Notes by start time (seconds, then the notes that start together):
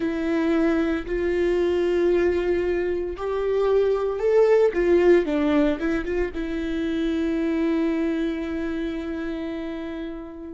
0.00 E4
1.05 F4
3.16 G4
4.19 A4
4.73 F4
5.25 D4
5.79 E4
6.04 F4
6.34 E4